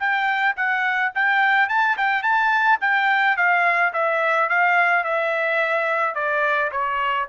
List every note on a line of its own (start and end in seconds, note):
0.00 0.56 G5
0.57 1.13 F#5
1.15 1.69 G5
1.69 1.97 A5
1.97 2.23 G5
2.23 2.79 A5
2.81 3.37 G5
3.37 3.93 F5
3.93 4.49 E5
4.49 5.04 F5
5.04 6.15 E5
6.15 6.71 D5
6.72 7.28 C#5